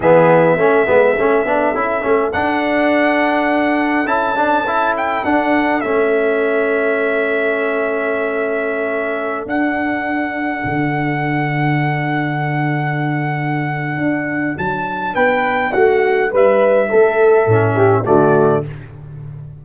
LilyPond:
<<
  \new Staff \with { instrumentName = "trumpet" } { \time 4/4 \tempo 4 = 103 e''1 | fis''2. a''4~ | a''8 g''8 fis''4 e''2~ | e''1~ |
e''16 fis''2.~ fis''8.~ | fis''1~ | fis''4 a''4 g''4 fis''4 | e''2. d''4 | }
  \new Staff \with { instrumentName = "horn" } { \time 4/4 gis'4 a'2.~ | a'1~ | a'1~ | a'1~ |
a'1~ | a'1~ | a'2 b'4 fis'4 | b'4 a'4. g'8 fis'4 | }
  \new Staff \with { instrumentName = "trombone" } { \time 4/4 b4 cis'8 b8 cis'8 d'8 e'8 cis'8 | d'2. e'8 d'8 | e'4 d'4 cis'2~ | cis'1~ |
cis'16 d'2.~ d'8.~ | d'1~ | d'1~ | d'2 cis'4 a4 | }
  \new Staff \with { instrumentName = "tuba" } { \time 4/4 e4 a8 gis8 a8 b8 cis'8 a8 | d'2. cis'4~ | cis'4 d'4 a2~ | a1~ |
a16 d'2 d4.~ d16~ | d1 | d'4 fis4 b4 a4 | g4 a4 a,4 d4 | }
>>